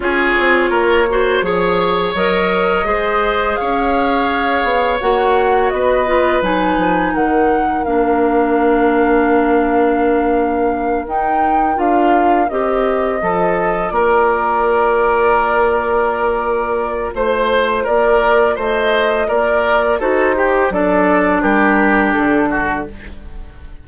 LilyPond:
<<
  \new Staff \with { instrumentName = "flute" } { \time 4/4 \tempo 4 = 84 cis''2. dis''4~ | dis''4 f''2 fis''4 | dis''4 gis''4 fis''4 f''4~ | f''2.~ f''8 g''8~ |
g''8 f''4 dis''2 d''8~ | d''1 | c''4 d''4 dis''4 d''4 | c''4 d''4 ais'4 a'4 | }
  \new Staff \with { instrumentName = "oboe" } { \time 4/4 gis'4 ais'8 c''8 cis''2 | c''4 cis''2. | b'2 ais'2~ | ais'1~ |
ais'2~ ais'8 a'4 ais'8~ | ais'1 | c''4 ais'4 c''4 ais'4 | a'8 g'8 a'4 g'4. fis'8 | }
  \new Staff \with { instrumentName = "clarinet" } { \time 4/4 f'4. fis'8 gis'4 ais'4 | gis'2. fis'4~ | fis'8 f'8 dis'2 d'4~ | d'2.~ d'8 dis'8~ |
dis'8 f'4 g'4 f'4.~ | f'1~ | f'1 | fis'8 g'8 d'2. | }
  \new Staff \with { instrumentName = "bassoon" } { \time 4/4 cis'8 c'8 ais4 f4 fis4 | gis4 cis'4. b8 ais4 | b4 fis8 f8 dis4 ais4~ | ais2.~ ais8 dis'8~ |
dis'8 d'4 c'4 f4 ais8~ | ais1 | a4 ais4 a4 ais4 | dis'4 fis4 g4 d4 | }
>>